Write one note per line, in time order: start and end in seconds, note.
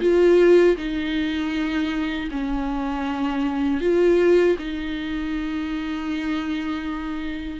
0.00 0.76 F4
0.77 2.29 D#4
2.31 3.80 C#4
3.80 4.56 F4
4.58 7.59 D#4